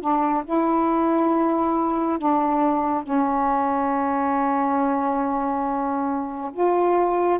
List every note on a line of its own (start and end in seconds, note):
0.00 0.43 D4
0.45 2.18 E4
2.18 3.03 D4
3.03 6.51 C#4
6.52 7.39 F4